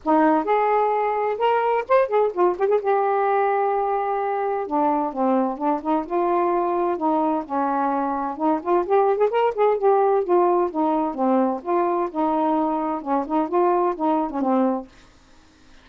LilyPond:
\new Staff \with { instrumentName = "saxophone" } { \time 4/4 \tempo 4 = 129 dis'4 gis'2 ais'4 | c''8 gis'8 f'8 g'16 gis'16 g'2~ | g'2 d'4 c'4 | d'8 dis'8 f'2 dis'4 |
cis'2 dis'8 f'8 g'8. gis'16 | ais'8 gis'8 g'4 f'4 dis'4 | c'4 f'4 dis'2 | cis'8 dis'8 f'4 dis'8. cis'16 c'4 | }